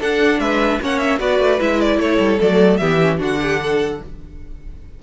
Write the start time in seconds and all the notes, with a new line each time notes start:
0.00 D4 A4 F#5
0.40 G#3 B4 E5
0.81 A#3 C#4 C#5 F#5
0.99 E5
1.19 B3 F#4 B4 D5
1.40 A3
1.60 G#3 E4 E5
1.81 D5
1.98 A3 A4 C#5
2.19 G3
2.40 F#3 A3 D5
2.77 E3 B3 G4 E5
3.02 C#4
3.18 D3 D4 F#4 F#5
3.42 G4
3.63 A4